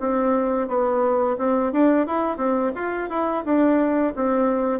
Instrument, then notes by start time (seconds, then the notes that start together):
bassoon
0.00 C4
0.68 B3
1.38 C4
1.72 D4
2.07 E4
2.37 C4
2.75 F4
3.09 E4
3.45 D4
4.15 C4